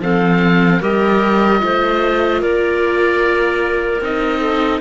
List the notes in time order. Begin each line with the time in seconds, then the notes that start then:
0.00 F3 C4 A4 F5
0.80 G3 G4 A#4 D#5
1.60 A3 F4 C5
2.40 A#3 A#4 D5
4.00 C4 D#4 D#5
4.40 A4